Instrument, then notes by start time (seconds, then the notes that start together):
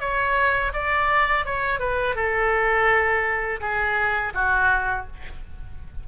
oboe
0.00 C#5
0.74 D5
1.45 C#5
1.79 B4
2.16 A4
3.60 G#4
4.34 F#4